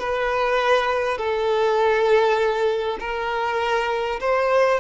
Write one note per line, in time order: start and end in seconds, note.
0.00 1.18 B4
1.18 2.98 A4
3.00 4.20 A#4
4.21 4.81 C5